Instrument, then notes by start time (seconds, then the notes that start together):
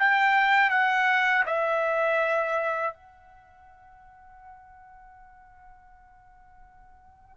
trumpet
0.00 G5
0.71 F#5
1.46 E5
2.94 F#5